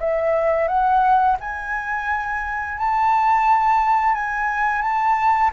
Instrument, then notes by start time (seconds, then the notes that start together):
flute
0.00 E5
0.68 F#5
1.40 G#5
2.78 A5
4.15 G#5
4.82 A5